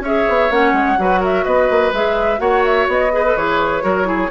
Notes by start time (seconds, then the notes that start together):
0.00 C#4 G#4 C#5 E5
0.27 B3
0.50 A#3 C#4 F#5
0.72 G#3
0.97 F#3 F#4 B4
1.20 A#4 E5
1.44 B3 B4 D#5
1.70 A#3
1.92 G#3 G#4 E5
2.37 A#3 F#4 C#5 F#5
2.64 E5
2.87 B3 D#5
3.12 G#4 B4
3.25 A4
3.36 E3 G#4 C#5
3.82 F#3 F#4 A#4
4.04 E4 G#4